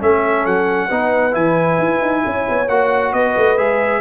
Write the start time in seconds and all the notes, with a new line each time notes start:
0.00 A3 C#4 A4 E5
0.46 F#3 F#5
0.88 B3 D#4 B4
1.32 E3 E4 G#5
1.79 E4
2.02 D#4
2.26 C#4 C#5
2.49 B3
2.69 A#3 F#4 F#5
3.13 B3 B4 D#5
3.37 A3
3.58 G#3 G#4 E5